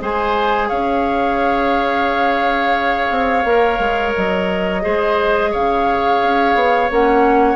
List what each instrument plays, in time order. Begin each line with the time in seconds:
0.00 bassoon G#3, clarinet G#4, oboe C5, flute G#5
0.69 bassoon C#4, oboe C#5, flute F5
3.10 bassoon C4
3.45 bassoon A#3, clarinet A#4
3.79 bassoon G#3
4.15 bassoon F#3, flute D#5
4.82 bassoon G#3, clarinet G#4, oboe C5
5.51 bassoon C#3, oboe C#5, flute F5
6.22 bassoon C#4
6.55 bassoon B3
6.90 bassoon A#3, clarinet C#4, flute F#5